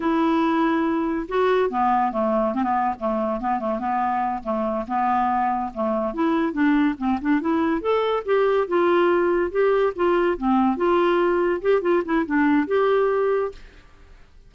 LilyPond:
\new Staff \with { instrumentName = "clarinet" } { \time 4/4 \tempo 4 = 142 e'2. fis'4 | b4 a4 c'16 b8. a4 | b8 a8 b4. a4 b8~ | b4. a4 e'4 d'8~ |
d'8 c'8 d'8 e'4 a'4 g'8~ | g'8 f'2 g'4 f'8~ | f'8 c'4 f'2 g'8 | f'8 e'8 d'4 g'2 | }